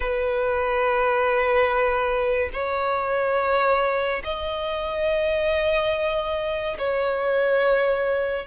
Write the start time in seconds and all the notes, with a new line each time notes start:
0.00 B4
2.53 C#5
4.24 D#5
6.78 C#5